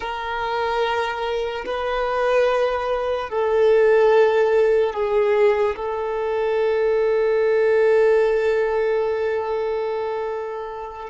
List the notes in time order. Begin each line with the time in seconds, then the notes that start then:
0.00 A#4
1.65 B4
3.29 A4
4.93 G#4
5.76 A4